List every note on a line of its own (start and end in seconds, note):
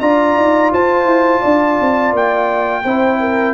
0.00 0.36 D4
0.00 2.83 F4
0.00 0.73 D5
0.00 0.71 A#5
0.36 0.71 D#4
0.73 1.04 F4
0.73 1.41 C5
0.73 2.15 A5
1.04 1.39 E4
1.41 1.79 D4
1.41 2.82 D5
1.81 2.13 C4
2.13 2.83 A#3
2.13 3.54 G5
2.84 3.54 C4
2.84 3.54 E4
2.84 3.19 C5
3.20 3.54 A#4